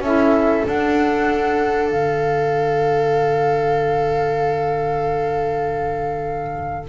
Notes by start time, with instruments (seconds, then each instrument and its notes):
0.00 double bass C#4, saxophone E4, viola A4, flute E5
0.64 saxophone D4, double bass D4, flute F#5
1.87 double bass D3, flute F5